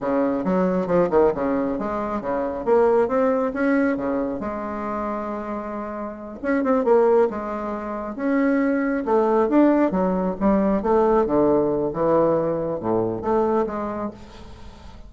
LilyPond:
\new Staff \with { instrumentName = "bassoon" } { \time 4/4 \tempo 4 = 136 cis4 fis4 f8 dis8 cis4 | gis4 cis4 ais4 c'4 | cis'4 cis4 gis2~ | gis2~ gis8 cis'8 c'8 ais8~ |
ais8 gis2 cis'4.~ | cis'8 a4 d'4 fis4 g8~ | g8 a4 d4. e4~ | e4 a,4 a4 gis4 | }